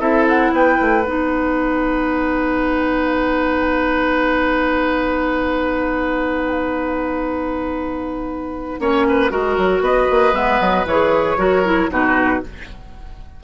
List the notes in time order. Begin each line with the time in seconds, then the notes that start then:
0.00 C4 E4 A4 E5
0.29 F#5
0.52 B3 B4 G5
0.82 A3
1.05 B3 D#4 F#5
8.80 A#3 C#4 C#5
9.09 B4
9.30 G#3 F#4 A#4
9.58 F#3
9.81 B3 B4 D#5
10.11 A#3
10.34 G#3 B3 E5
10.61 F#3 D#5
10.85 E3 G#4 C#5
11.38 F#3 F#4 A#4
11.65 E4
11.90 B2 D#4 F#4 B4